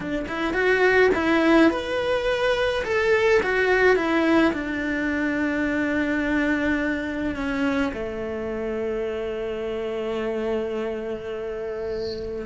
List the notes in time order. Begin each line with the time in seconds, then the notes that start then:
0.00 D4
0.28 E4
0.53 F#4
1.14 E4
1.70 B4
2.84 A4
3.42 F#4
3.95 E4
4.53 D4
7.35 C#4
7.93 A3